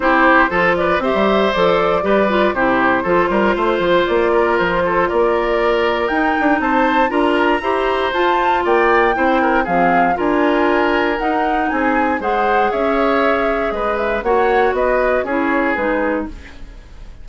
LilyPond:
<<
  \new Staff \with { instrumentName = "flute" } { \time 4/4 \tempo 4 = 118 c''4. d''8 e''4 d''4~ | d''4 c''2. | d''4 c''4 d''2 | g''4 a''4 ais''2 |
a''4 g''2 f''4 | gis''2 fis''4 gis''4 | fis''4 e''2 dis''8 e''8 | fis''4 dis''4 cis''4 b'4 | }
  \new Staff \with { instrumentName = "oboe" } { \time 4/4 g'4 a'8 b'8 c''2 | b'4 g'4 a'8 ais'8 c''4~ | c''8 ais'4 a'8 ais'2~ | ais'4 c''4 ais'4 c''4~ |
c''4 d''4 c''8 ais'8 gis'4 | ais'2. gis'4 | c''4 cis''2 b'4 | cis''4 b'4 gis'2 | }
  \new Staff \with { instrumentName = "clarinet" } { \time 4/4 e'4 f'4 g'4 a'4 | g'8 f'8 e'4 f'2~ | f'1 | dis'2 f'4 g'4 |
f'2 e'4 c'4 | f'2 dis'2 | gis'1 | fis'2 e'4 dis'4 | }
  \new Staff \with { instrumentName = "bassoon" } { \time 4/4 c'4 f4 c'16 g8. f4 | g4 c4 f8 g8 a8 f8 | ais4 f4 ais2 | dis'8 d'8 c'4 d'4 e'4 |
f'4 ais4 c'4 f4 | d'2 dis'4 c'4 | gis4 cis'2 gis4 | ais4 b4 cis'4 gis4 | }
>>